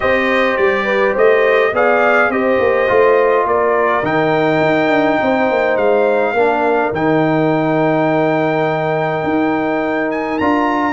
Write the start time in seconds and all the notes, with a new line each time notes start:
0.00 C4 G4 C5 D#5
0.56 G3 D5
0.84 B4
1.12 A3 C5 D#5
1.72 B3 G#4 D5 F5
2.29 C4 G4 C5 D#5
2.59 A#3
2.87 A3 F4
3.44 A#3 A#4 D5
4.02 D#3 D#4 G5
4.60 D#4
4.88 D4
5.21 C4 C5
5.50 A#3
5.76 G#3 F5
6.33 A#3 D4 A#4
6.92 D#3 D#4 G5
9.23 D#4
10.11 G#5
10.38 D4 F4 A#5